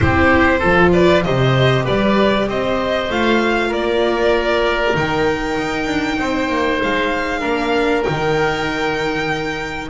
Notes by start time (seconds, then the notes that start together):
0.00 C4 E4 G4 C5
0.59 F3 F4 A4
0.92 B4 D5
1.23 C3 G4 C5 D#5
1.84 G3 B4 D5
2.47 C4 C5 D#5
3.09 A3 F4 F5
3.68 A#3 A#4 D5
4.94 D#3 D#4 G5
5.57 D#4
5.86 D4
6.19 C4 C5
6.48 A#3
6.82 G#3 F5
7.40 A#3 D4 A#4
8.03 D#3 D#4 G5